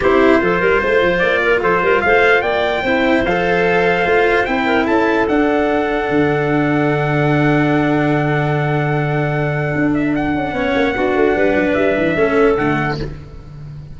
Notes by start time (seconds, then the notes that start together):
0.00 C4 E4 G4 C5
0.41 F3 F4 A4
0.60 G3 A#4
0.81 A3 C5
1.02 F3
1.18 A#3 D5
1.43 A#4
1.61 F3 A4 C5
1.82 G3 A#4
2.01 A3 C5 F5
2.41 A#3 D5 G5
2.82 C4 E4 C5
3.23 F3 A4 F5
4.05 A3 F4
4.45 C4 E4 G5
4.65 A#4
4.85 C#4 A4 A5
5.28 D4 F#5
6.09 D3
9.75 D4
9.94 E5
10.15 F#5
10.34 C#4
10.52 B3 C#4 C#5
10.75 A#3
10.95 B3 D4 F#4
11.14 A3
11.35 G3 B4
11.54 F#3
11.73 G3 E5
11.97 E3
12.15 A3 C#4 A4
12.57 D3 A3 F#5